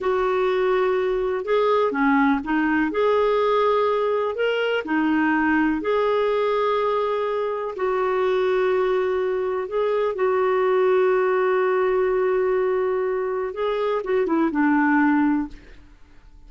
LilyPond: \new Staff \with { instrumentName = "clarinet" } { \time 4/4 \tempo 4 = 124 fis'2. gis'4 | cis'4 dis'4 gis'2~ | gis'4 ais'4 dis'2 | gis'1 |
fis'1 | gis'4 fis'2.~ | fis'1 | gis'4 fis'8 e'8 d'2 | }